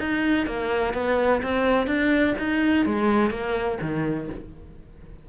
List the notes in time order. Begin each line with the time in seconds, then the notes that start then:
0.00 D#4
0.47 A#3
0.94 B3
1.43 C4
1.87 D4
2.39 D#4
2.86 G#3
3.31 A#3
3.82 D#3